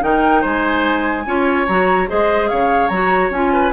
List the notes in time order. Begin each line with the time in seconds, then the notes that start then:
0.00 D#3 D#4 A#4 G5
0.41 G#3 C5 G#5
1.26 C#4 F4 C#5
1.67 F#3 F#4 A#5
2.07 G#3 G#4 C5 D#5
2.48 C#3 C#5 F5
2.88 F#3 F#4 A#5
3.30 C#4 F4 G#5
3.53 B4